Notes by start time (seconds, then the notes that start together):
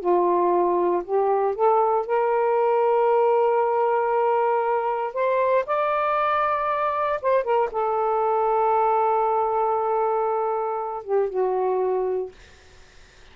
0.00 F4
1.04 G4
1.55 A4
2.06 A#4
5.14 C5
5.66 D5
7.22 C5
7.44 A#4
7.72 A4
11.04 G4
11.30 F#4